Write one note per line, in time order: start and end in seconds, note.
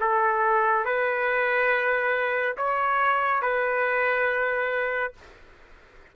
0.00 0.85 A4
0.85 2.56 B4
2.57 3.42 C#5
3.42 5.13 B4